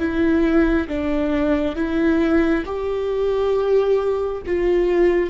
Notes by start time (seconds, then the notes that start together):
0.00 E4
0.89 D4
1.76 E4
2.66 G4
4.46 F4